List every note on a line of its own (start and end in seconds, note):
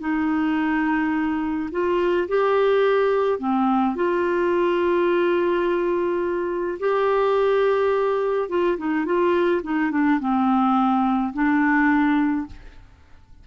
0.00 1.70 D#4
1.71 2.28 F4
2.28 3.39 G4
3.39 3.96 C4
3.96 6.79 F4
6.80 8.50 G4
8.50 8.78 F4
8.78 9.06 D#4
9.06 9.62 F4
9.63 9.92 D#4
9.92 10.20 D4
10.20 11.33 C4
11.34 12.47 D4